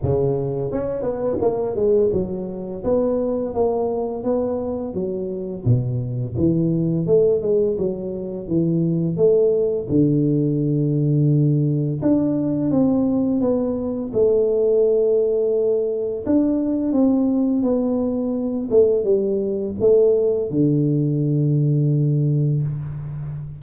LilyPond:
\new Staff \with { instrumentName = "tuba" } { \time 4/4 \tempo 4 = 85 cis4 cis'8 b8 ais8 gis8 fis4 | b4 ais4 b4 fis4 | b,4 e4 a8 gis8 fis4 | e4 a4 d2~ |
d4 d'4 c'4 b4 | a2. d'4 | c'4 b4. a8 g4 | a4 d2. | }